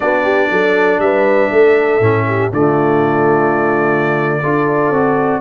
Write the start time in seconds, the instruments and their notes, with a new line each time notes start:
0.00 tuba B3, trombone D4, horn F#4, trumpet D5
0.23 horn G4
0.50 tuba F#3, horn A4
0.99 tuba G3, horn B4, trumpet E5
1.50 tuba A3, horn A4
2.00 tuba A2, trombone C#4
2.27 horn G4
2.52 tuba D3, trombone A3, horn F4, trumpet D5
4.41 tuba D4, trombone F4, horn A4
4.89 tuba C4, trombone F#4